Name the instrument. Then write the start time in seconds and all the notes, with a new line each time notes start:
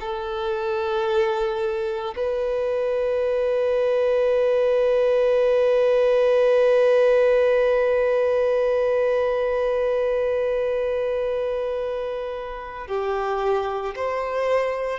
violin
0.00 A4
2.16 B4
12.87 G4
13.95 C5